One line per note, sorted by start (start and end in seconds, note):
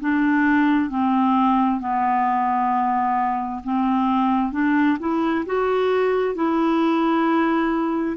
0.00 0.90 D4
0.90 1.80 C4
1.80 3.62 B3
3.64 4.52 C4
4.52 4.98 D4
4.99 5.45 E4
5.45 6.35 F#4
6.35 8.17 E4